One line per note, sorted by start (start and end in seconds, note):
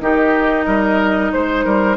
0.00 0.66 D#3
0.00 1.96 D#4
0.00 0.65 G4
0.00 1.32 D#5
0.65 1.32 G3
0.65 1.31 A#4
1.32 1.65 G#3
1.32 1.96 C5
1.32 1.65 C5
1.65 1.96 G3
1.65 1.96 A#4